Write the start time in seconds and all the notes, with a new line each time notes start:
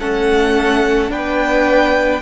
0.00 A3 C#4 A4 F#5
1.10 B3 D4 B4 G5